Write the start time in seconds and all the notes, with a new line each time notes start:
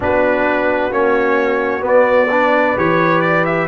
0.00 B3 D4 F#4 B4
0.90 A#3 C#4 C#5
1.80 B3
1.87 D5
2.30 D4 B4
2.76 E3 G4 C#5
3.21 D5
3.45 E5